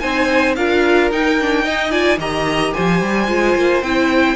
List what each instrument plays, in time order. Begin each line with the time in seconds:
0.00 cello C4, viola D#4, violin C5 G#5
0.55 cello D4, viola F4, violin A#4 F5
1.11 cello D#4, viola D#4, violin G5
1.40 viola D4
1.65 viola D#4, violin D#5
1.91 viola F4, violin D5 G#5
2.18 cello D#3, viola G4, violin D#5 A#5
2.74 cello F3, violin C5 G#5
3.01 cello G3
3.28 cello G#3, viola F4
3.56 cello A#3
3.82 cello C4, viola E4, violin G5